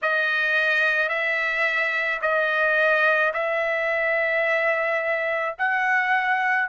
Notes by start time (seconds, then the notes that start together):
0.02 D#5
1.08 E5
2.21 D#5
3.33 E5
5.58 F#5